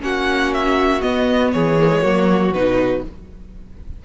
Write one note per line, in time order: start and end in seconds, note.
0.00 1.02 A#3
0.00 1.00 C#4
0.00 1.54 F#4
0.00 0.53 F#5
0.53 1.01 E5
1.01 1.77 B3
1.01 1.54 B3
1.01 1.51 D#5
1.52 2.03 E3
1.52 2.02 G#4
1.52 2.52 C#5
1.79 1.90 A#3
1.90 2.01 G#3
2.01 2.52 F#3
2.01 2.51 A#3
2.01 3.02 F#4
2.52 3.02 B2
2.52 3.05 D#4
2.52 3.04 B4